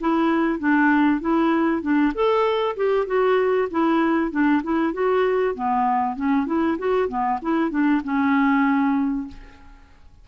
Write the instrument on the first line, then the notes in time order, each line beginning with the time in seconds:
clarinet
0.00 E4
0.59 D4
1.21 E4
1.82 D4
2.14 A4
2.76 G4
3.06 F#4
3.71 E4
4.31 D4
4.63 E4
4.93 F#4
5.55 B3
6.16 C#4
6.46 E4
6.78 F#4
7.08 B3
7.42 E4
7.70 D4
8.04 C#4